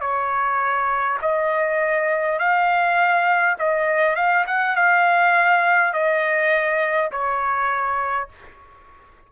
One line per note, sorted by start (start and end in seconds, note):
0.00 1.18 C#5
1.21 2.39 D#5
2.39 3.56 F5
3.58 4.16 D#5
4.16 4.45 F5
4.46 4.75 F#5
4.75 5.93 F5
5.93 7.11 D#5
7.11 8.29 C#5